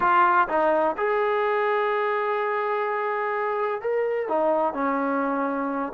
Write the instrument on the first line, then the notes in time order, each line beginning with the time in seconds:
trombone
0.00 F4
0.48 D#4
0.97 G#4
3.81 A#4
4.28 D#4
4.73 C#4